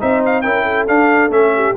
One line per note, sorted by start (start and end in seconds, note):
0.00 0.45 C4
0.00 0.44 D#4
0.00 0.44 C5
0.00 0.23 E5
0.26 0.42 F5
0.42 0.89 C#4
0.42 0.88 E4
0.42 0.64 A#4
0.42 0.86 G5
0.64 1.52 A4
0.87 1.30 D4
0.87 1.29 D4
0.87 1.32 F5
1.29 1.74 A3
1.29 1.75 C#4
1.29 1.76 E5
1.55 1.77 G4